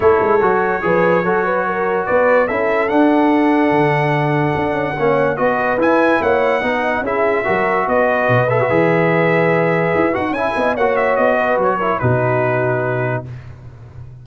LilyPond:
<<
  \new Staff \with { instrumentName = "trumpet" } { \time 4/4 \tempo 4 = 145 cis''1~ | cis''4 d''4 e''4 fis''4~ | fis''1~ | fis''4 dis''4 gis''4 fis''4~ |
fis''4 e''2 dis''4~ | dis''8 e''2.~ e''8~ | e''8 fis''8 gis''4 fis''8 e''8 dis''4 | cis''4 b'2. | }
  \new Staff \with { instrumentName = "horn" } { \time 4/4 a'2 b'4 a'8 b'8 | ais'4 b'4 a'2~ | a'1 | cis''4 b'2 cis''4 |
dis''4 gis'4 ais'4 b'4~ | b'1~ | b'4 e''8 dis''8 cis''4. b'8~ | b'8 ais'8 fis'2. | }
  \new Staff \with { instrumentName = "trombone" } { \time 4/4 e'4 fis'4 gis'4 fis'4~ | fis'2 e'4 d'4~ | d'1 | cis'4 fis'4 e'2 |
dis'4 e'4 fis'2~ | fis'8 a'16 fis'16 gis'2.~ | gis'8 fis'8 e'4 fis'2~ | fis'8 e'8 dis'2. | }
  \new Staff \with { instrumentName = "tuba" } { \time 4/4 a8 gis8 fis4 f4 fis4~ | fis4 b4 cis'4 d'4~ | d'4 d2 d'8 cis'8 | ais4 b4 e'4 ais4 |
b4 cis'4 fis4 b4 | b,4 e2. | e'8 dis'8 cis'8 b8 ais4 b4 | fis4 b,2. | }
>>